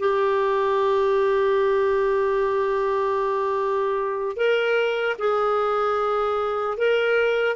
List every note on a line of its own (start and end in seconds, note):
0.00 4.37 G4
4.37 5.17 A#4
5.19 6.78 G#4
6.78 7.57 A#4